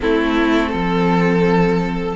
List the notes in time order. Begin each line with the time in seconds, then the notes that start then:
0.00 A3 C4 E4 A4
0.69 F3 A4